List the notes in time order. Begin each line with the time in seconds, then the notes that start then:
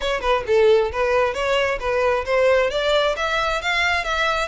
0.00 C#5
0.21 B4
0.46 A4
0.91 B4
1.33 C#5
1.79 B4
2.25 C5
2.70 D5
3.16 E5
3.61 F5
4.04 E5